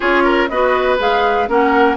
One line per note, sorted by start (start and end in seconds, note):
0.00 0.49 C#4
0.00 0.49 F4
0.00 0.23 G#4
0.00 0.48 C#5
0.24 0.48 A#4
0.48 0.99 B3
0.48 0.98 F#4
0.48 1.49 B4
0.48 0.97 D#5
0.98 1.48 G#3
0.98 1.47 G#4
0.98 1.50 F5
1.48 1.96 A#3
1.48 1.96 C#4
1.48 1.96 A#4
1.48 1.96 F#5